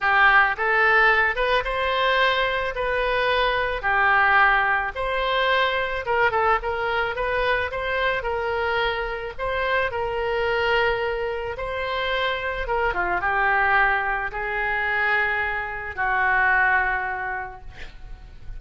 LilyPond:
\new Staff \with { instrumentName = "oboe" } { \time 4/4 \tempo 4 = 109 g'4 a'4. b'8 c''4~ | c''4 b'2 g'4~ | g'4 c''2 ais'8 a'8 | ais'4 b'4 c''4 ais'4~ |
ais'4 c''4 ais'2~ | ais'4 c''2 ais'8 f'8 | g'2 gis'2~ | gis'4 fis'2. | }